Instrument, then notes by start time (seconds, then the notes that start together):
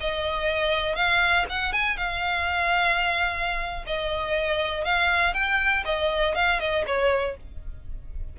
violin
0.00 D#5
0.95 F5
1.49 F#5
1.72 G#5
1.96 F5
3.86 D#5
4.84 F5
5.34 G5
5.85 D#5
6.35 F5
6.59 D#5
6.86 C#5